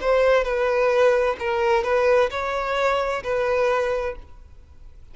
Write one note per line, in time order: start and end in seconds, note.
0.00 0.44 C5
0.44 1.36 B4
1.39 1.83 A#4
1.83 2.30 B4
2.30 3.23 C#5
3.23 4.15 B4